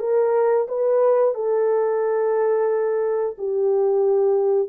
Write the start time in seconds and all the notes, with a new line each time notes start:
0.00 A#4
0.68 B4
1.35 A4
3.38 G4